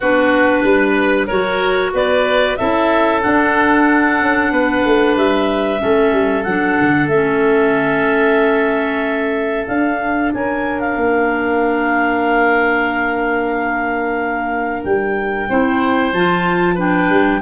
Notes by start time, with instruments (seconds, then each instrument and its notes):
0.00 tuba B3, clarinet D4 B4, oboe F#4
0.63 tuba G3, oboe B4
1.26 tuba F#3, clarinet F#4 C#5, oboe A#4
1.93 tuba B3, oboe B4, clarinet D5
2.56 tuba C#4, clarinet E4 E5, oboe A4
3.22 clarinet D4 F#5, tuba D4
4.21 tuba C#4
4.52 tuba B3, oboe B4
4.85 tuba A3
5.16 tuba G3, clarinet E5
5.78 tuba A3, clarinet C#4, oboe A4
6.12 tuba G3
6.43 tuba F#3, clarinet D4 F#5
6.80 tuba D3
7.07 tuba A3, clarinet C#4 E5
9.66 tuba D4, clarinet D4 F5
10.33 tuba C#4, oboe A#4, clarinet G#5
10.79 clarinet F5
10.95 tuba A#3
14.83 tuba G3, clarinet G5
15.49 tuba C4, clarinet E4, oboe C5
16.12 tuba F3, clarinet F4 A5
16.75 clarinet D4 G5, oboe B4
17.09 tuba G3